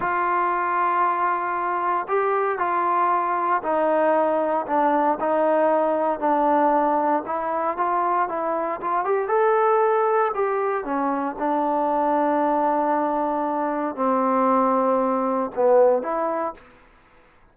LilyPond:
\new Staff \with { instrumentName = "trombone" } { \time 4/4 \tempo 4 = 116 f'1 | g'4 f'2 dis'4~ | dis'4 d'4 dis'2 | d'2 e'4 f'4 |
e'4 f'8 g'8 a'2 | g'4 cis'4 d'2~ | d'2. c'4~ | c'2 b4 e'4 | }